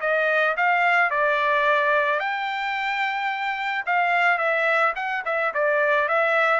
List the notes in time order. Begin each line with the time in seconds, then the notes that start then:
0.00 D#5
0.56 F5
1.10 D5
2.19 G5
3.86 F5
4.38 E5
4.95 F#5
5.25 E5
5.53 D5
6.08 E5